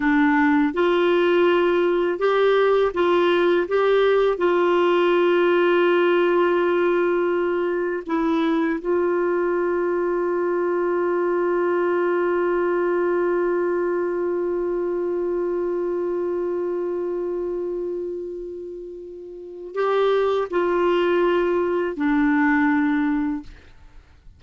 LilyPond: \new Staff \with { instrumentName = "clarinet" } { \time 4/4 \tempo 4 = 82 d'4 f'2 g'4 | f'4 g'4 f'2~ | f'2. e'4 | f'1~ |
f'1~ | f'1~ | f'2. g'4 | f'2 d'2 | }